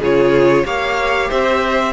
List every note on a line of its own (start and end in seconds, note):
0.00 0.64 C#3
0.00 0.65 F4
0.00 0.64 G#4
0.00 0.67 C#5
0.65 1.30 A#3
0.65 1.93 G4
0.65 1.29 C#5
0.65 1.30 F5
1.29 1.93 C4
1.29 1.93 C5
1.29 1.93 E5